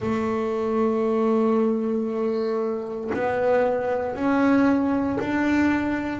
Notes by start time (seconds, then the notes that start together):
0.00 A3
3.13 B3
4.15 C#4
5.20 D4